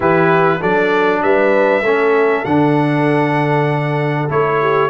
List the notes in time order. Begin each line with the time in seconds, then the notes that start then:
0.00 E3 E4 G4 B4
0.60 F#3 D4 A4 D5
1.22 G3 B4 E5
1.82 A3 C#4 A4
2.44 D3 D4 F#5
4.29 A3 E4 C#5
4.60 G4